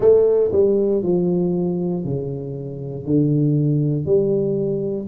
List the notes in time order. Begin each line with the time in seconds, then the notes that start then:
0.00 A3
0.52 G3
1.02 F3
2.04 C#3
3.05 D3
4.05 G3